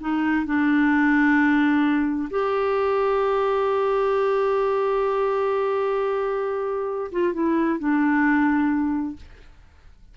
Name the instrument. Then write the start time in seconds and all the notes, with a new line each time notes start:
clarinet
0.00 D#4
0.46 D4
2.30 G4
7.12 F4
7.33 E4
7.79 D4